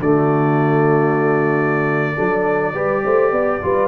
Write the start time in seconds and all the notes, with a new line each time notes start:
0.00 D3 A3 F#4 D5
2.16 F#3 D4 A4
2.74 G3 G4 B4
3.05 A3 C5
3.32 B3 D5
3.62 G3 F4 B4